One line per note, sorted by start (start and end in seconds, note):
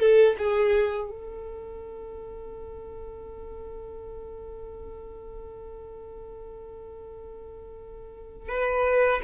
0.00 0.36 A4
0.38 1.10 G#4
1.10 8.48 A4
8.48 9.21 B4